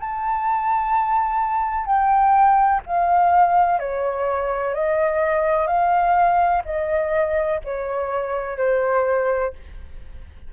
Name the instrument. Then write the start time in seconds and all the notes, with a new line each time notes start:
flute
0.00 A5
1.86 G5
2.87 F5
3.80 C#5
4.74 D#5
5.67 F5
6.65 D#5
7.65 C#5
8.58 C5